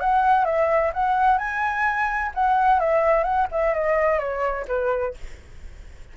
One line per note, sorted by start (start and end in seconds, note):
0.00 0.45 F#5
0.45 0.92 E5
0.94 1.38 F#5
1.38 2.32 G#5
2.34 2.80 F#5
2.80 3.24 E5
3.24 3.47 F#5
3.51 3.74 E5
3.74 4.19 D#5
4.19 4.66 C#5
4.68 5.15 B4